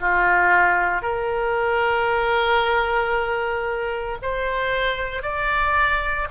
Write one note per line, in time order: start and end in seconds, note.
0.00 1.02 F4
1.02 4.18 A#4
4.22 5.22 C5
5.22 6.27 D5